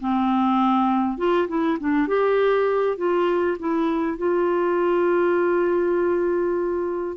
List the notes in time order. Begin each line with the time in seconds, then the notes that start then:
0.00 C4
1.18 F4
1.48 E4
1.80 D4
2.08 G4
2.97 F4
3.59 E4
4.18 F4